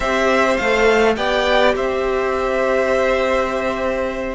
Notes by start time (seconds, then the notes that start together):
0.00 C4 G4 C5 E5
0.56 A3 A4 F5
1.16 B3 G4 D5 G5
1.75 C4 C5 E5